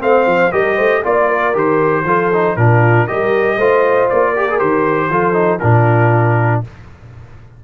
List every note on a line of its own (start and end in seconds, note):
0.00 0.27 A3
0.00 0.51 C4
0.00 0.54 C5
0.00 0.52 F5
0.27 0.52 F3
0.52 0.79 G3
0.52 1.03 G4
0.52 0.76 A#4
0.52 1.03 D#5
0.76 1.04 A3
0.76 1.01 C5
1.04 1.55 A#3
1.04 1.54 F4
1.04 1.28 D5
1.04 1.56 D5
1.28 2.04 A#4
1.54 2.05 D#3
1.54 2.05 G4
1.54 2.57 C5
2.05 2.56 F3
2.05 2.33 F4
2.05 2.58 A4
2.33 2.58 D#4
2.57 3.08 A#2
2.57 3.08 D4
2.57 3.08 F4
2.57 3.07 A#4
3.07 3.57 G3
3.07 3.59 G4
3.07 3.57 A#4
3.07 4.09 D#5
3.57 4.08 A3
3.57 4.36 F4
3.57 4.31 C5
4.10 4.61 A#3
4.10 4.60 D5
4.31 4.49 G4
4.31 5.07 A#4
4.50 4.60 G#4
4.60 5.10 D#3
4.60 5.11 G4
4.60 5.60 C5
5.10 5.61 F3
5.10 5.34 F4
5.10 5.62 A4
5.34 5.59 D#4
5.60 6.64 A#2
5.60 6.64 D4
5.60 6.64 F4
5.60 6.61 A#4